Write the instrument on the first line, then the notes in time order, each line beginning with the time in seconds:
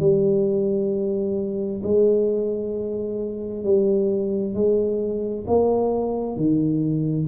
tuba
0.00 G3
1.83 G#3
3.64 G3
4.55 G#3
5.47 A#3
6.36 D#3